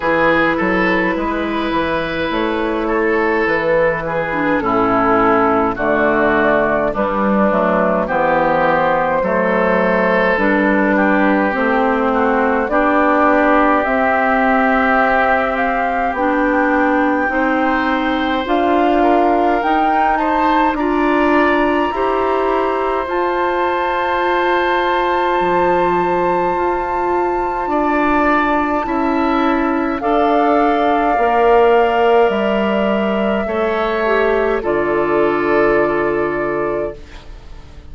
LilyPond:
<<
  \new Staff \with { instrumentName = "flute" } { \time 4/4 \tempo 4 = 52 b'2 cis''4 b'4 | a'4 d''4 b'4 c''4~ | c''4 b'4 c''4 d''4 | e''4. f''8 g''2 |
f''4 g''8 a''8 ais''2 | a''1~ | a''2 f''2 | e''2 d''2 | }
  \new Staff \with { instrumentName = "oboe" } { \time 4/4 gis'8 a'8 b'4. a'4 gis'8 | e'4 fis'4 d'4 g'4 | a'4. g'4 fis'8 g'4~ | g'2. c''4~ |
c''8 ais'4 c''8 d''4 c''4~ | c''1 | d''4 e''4 d''2~ | d''4 cis''4 a'2 | }
  \new Staff \with { instrumentName = "clarinet" } { \time 4/4 e'2.~ e'8. d'16 | cis'4 a4 g8 a8 b4 | a4 d'4 c'4 d'4 | c'2 d'4 dis'4 |
f'4 dis'4 f'4 g'4 | f'1~ | f'4 e'4 a'4 ais'4~ | ais'4 a'8 g'8 f'2 | }
  \new Staff \with { instrumentName = "bassoon" } { \time 4/4 e8 fis8 gis8 e8 a4 e4 | a,4 d4 g8 fis8 e4 | fis4 g4 a4 b4 | c'2 b4 c'4 |
d'4 dis'4 d'4 e'4 | f'2 f4 f'4 | d'4 cis'4 d'4 ais4 | g4 a4 d2 | }
>>